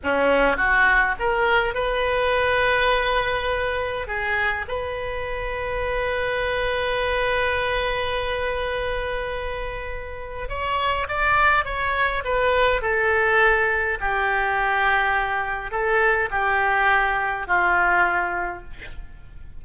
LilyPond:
\new Staff \with { instrumentName = "oboe" } { \time 4/4 \tempo 4 = 103 cis'4 fis'4 ais'4 b'4~ | b'2. gis'4 | b'1~ | b'1~ |
b'2 cis''4 d''4 | cis''4 b'4 a'2 | g'2. a'4 | g'2 f'2 | }